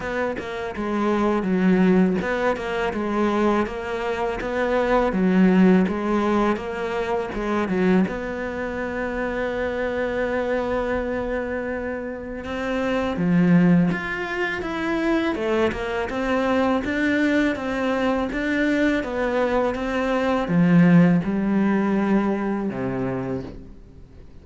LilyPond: \new Staff \with { instrumentName = "cello" } { \time 4/4 \tempo 4 = 82 b8 ais8 gis4 fis4 b8 ais8 | gis4 ais4 b4 fis4 | gis4 ais4 gis8 fis8 b4~ | b1~ |
b4 c'4 f4 f'4 | e'4 a8 ais8 c'4 d'4 | c'4 d'4 b4 c'4 | f4 g2 c4 | }